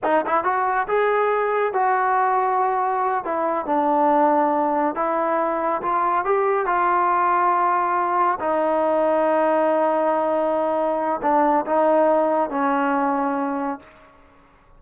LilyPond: \new Staff \with { instrumentName = "trombone" } { \time 4/4 \tempo 4 = 139 dis'8 e'8 fis'4 gis'2 | fis'2.~ fis'8 e'8~ | e'8 d'2. e'8~ | e'4. f'4 g'4 f'8~ |
f'2.~ f'8 dis'8~ | dis'1~ | dis'2 d'4 dis'4~ | dis'4 cis'2. | }